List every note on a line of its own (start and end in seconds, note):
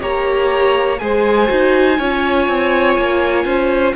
0.00 1.00 A#3
0.00 0.98 G4
0.00 1.00 C#5
0.00 0.98 A#5
0.98 1.49 G#3
0.98 1.47 G#4
0.98 1.98 C5
0.98 3.93 G#5
1.47 1.99 D#4
1.47 1.96 F#4
1.98 2.48 C#4
1.98 3.95 F4
1.98 3.45 C#5
2.48 2.97 C4
2.97 3.45 A#3
3.45 3.94 C#4
3.45 3.94 C5